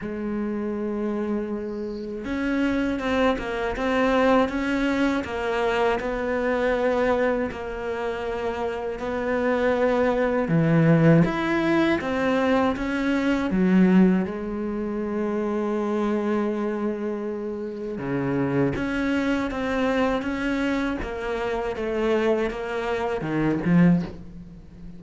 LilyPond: \new Staff \with { instrumentName = "cello" } { \time 4/4 \tempo 4 = 80 gis2. cis'4 | c'8 ais8 c'4 cis'4 ais4 | b2 ais2 | b2 e4 e'4 |
c'4 cis'4 fis4 gis4~ | gis1 | cis4 cis'4 c'4 cis'4 | ais4 a4 ais4 dis8 f8 | }